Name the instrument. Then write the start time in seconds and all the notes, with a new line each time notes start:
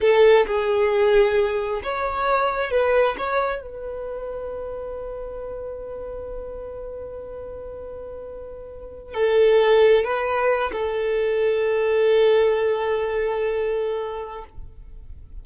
violin
0.01 A4
0.46 G#4
1.83 C#5
2.70 B4
3.17 C#5
3.62 B4
9.14 A4
10.04 B4
10.72 A4